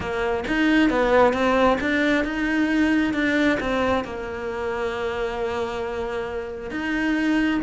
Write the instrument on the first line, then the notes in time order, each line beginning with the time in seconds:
cello
0.00 A#3
0.47 D#4
0.90 B3
1.33 C4
1.80 D4
2.24 D#4
3.13 D4
3.59 C4
4.04 A#3
6.70 D#4